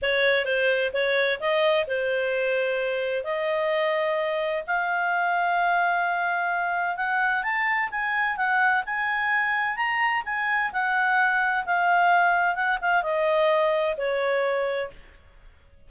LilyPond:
\new Staff \with { instrumentName = "clarinet" } { \time 4/4 \tempo 4 = 129 cis''4 c''4 cis''4 dis''4 | c''2. dis''4~ | dis''2 f''2~ | f''2. fis''4 |
a''4 gis''4 fis''4 gis''4~ | gis''4 ais''4 gis''4 fis''4~ | fis''4 f''2 fis''8 f''8 | dis''2 cis''2 | }